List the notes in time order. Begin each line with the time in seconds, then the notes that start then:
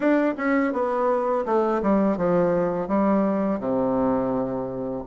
0.00 D4
0.37 C#4
0.73 B3
1.45 A3
1.82 G3
2.17 F3
2.88 G3
3.59 C3